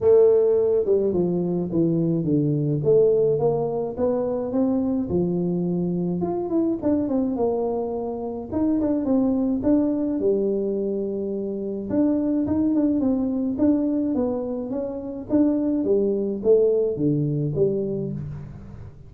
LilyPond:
\new Staff \with { instrumentName = "tuba" } { \time 4/4 \tempo 4 = 106 a4. g8 f4 e4 | d4 a4 ais4 b4 | c'4 f2 f'8 e'8 | d'8 c'8 ais2 dis'8 d'8 |
c'4 d'4 g2~ | g4 d'4 dis'8 d'8 c'4 | d'4 b4 cis'4 d'4 | g4 a4 d4 g4 | }